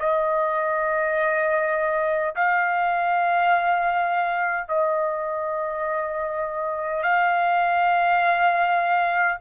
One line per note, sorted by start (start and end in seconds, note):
0.00 2.35 D#5
2.36 4.68 F5
4.68 7.03 D#5
7.03 9.39 F5